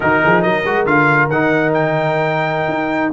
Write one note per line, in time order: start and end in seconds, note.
0.00 0.24 D#3
0.00 0.64 D#4
0.00 0.22 F#4
0.00 0.42 A#4
0.24 0.44 F3
0.24 0.41 G#4
0.41 0.65 F#3
0.41 3.11 A#4
0.41 0.85 D#5
0.65 0.85 G#3
0.65 0.86 F#4
0.85 1.28 D3
0.85 1.29 F4
0.85 1.29 F5
1.28 2.68 D#3
1.28 3.12 D#4
1.28 1.73 F#5
1.73 3.12 G5
2.68 3.11 D#4